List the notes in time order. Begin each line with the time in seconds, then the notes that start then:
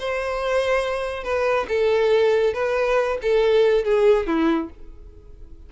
0.00 C5
1.24 B4
1.69 A4
2.54 B4
3.22 A4
3.85 G#4
4.27 E4